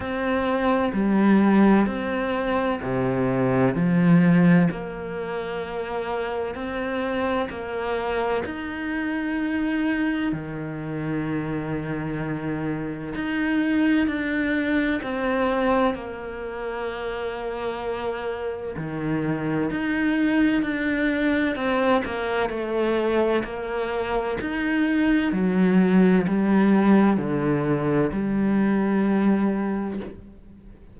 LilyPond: \new Staff \with { instrumentName = "cello" } { \time 4/4 \tempo 4 = 64 c'4 g4 c'4 c4 | f4 ais2 c'4 | ais4 dis'2 dis4~ | dis2 dis'4 d'4 |
c'4 ais2. | dis4 dis'4 d'4 c'8 ais8 | a4 ais4 dis'4 fis4 | g4 d4 g2 | }